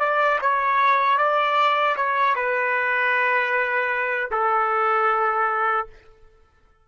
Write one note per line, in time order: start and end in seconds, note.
0.00 0.39 D5
0.41 1.18 C#5
1.18 1.96 D5
1.96 2.35 C#5
2.35 4.30 B4
4.31 5.87 A4